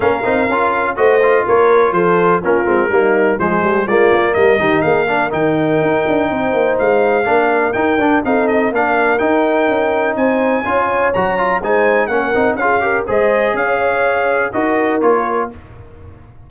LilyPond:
<<
  \new Staff \with { instrumentName = "trumpet" } { \time 4/4 \tempo 4 = 124 f''2 dis''4 cis''4 | c''4 ais'2 c''4 | d''4 dis''4 f''4 g''4~ | g''2 f''2 |
g''4 f''8 dis''8 f''4 g''4~ | g''4 gis''2 ais''4 | gis''4 fis''4 f''4 dis''4 | f''2 dis''4 cis''4 | }
  \new Staff \with { instrumentName = "horn" } { \time 4/4 ais'2 c''4 ais'4 | a'4 f'4 dis'4 gis'8 g'8 | f'4 ais'8 g'8 gis'8 ais'4.~ | ais'4 c''2 ais'4~ |
ais'4 a'4 ais'2~ | ais'4 c''4 cis''2 | c''4 ais'4 gis'8 ais'8 c''4 | cis''2 ais'2 | }
  \new Staff \with { instrumentName = "trombone" } { \time 4/4 cis'8 dis'8 f'4 fis'8 f'4.~ | f'4 cis'8 c'8 ais4 gis4 | ais4. dis'4 d'8 dis'4~ | dis'2. d'4 |
dis'8 d'8 dis'4 d'4 dis'4~ | dis'2 f'4 fis'8 f'8 | dis'4 cis'8 dis'8 f'8 g'8 gis'4~ | gis'2 fis'4 f'4 | }
  \new Staff \with { instrumentName = "tuba" } { \time 4/4 ais8 c'8 cis'4 a4 ais4 | f4 ais8 gis8 g4 f8 g8 | gis8 ais8 g8 dis8 ais4 dis4 | dis'8 d'8 c'8 ais8 gis4 ais4 |
dis'8 d'8 c'4 ais4 dis'4 | cis'4 c'4 cis'4 fis4 | gis4 ais8 c'8 cis'4 gis4 | cis'2 dis'4 ais4 | }
>>